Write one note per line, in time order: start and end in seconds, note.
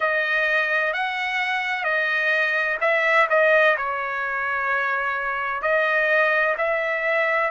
0.00 0.93 D#5
0.93 1.84 F#5
1.84 2.77 D#5
2.80 3.27 E5
3.29 3.76 D#5
3.77 5.62 C#5
5.62 6.55 D#5
6.57 7.50 E5